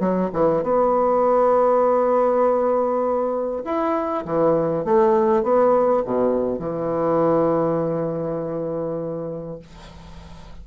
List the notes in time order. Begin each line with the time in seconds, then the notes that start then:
0.00 F#3
0.33 E3
0.64 B3
3.65 E4
4.25 E3
4.85 A3
5.44 B3
6.05 B2
6.59 E3